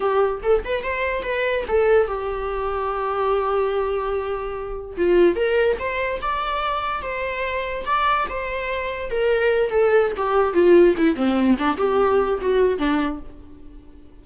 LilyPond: \new Staff \with { instrumentName = "viola" } { \time 4/4 \tempo 4 = 145 g'4 a'8 b'8 c''4 b'4 | a'4 g'2.~ | g'1 | f'4 ais'4 c''4 d''4~ |
d''4 c''2 d''4 | c''2 ais'4. a'8~ | a'8 g'4 f'4 e'8 c'4 | d'8 g'4. fis'4 d'4 | }